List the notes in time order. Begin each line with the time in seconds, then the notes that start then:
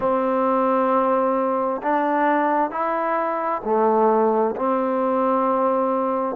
0.00 C4
1.82 D4
2.70 E4
3.64 A3
4.55 C4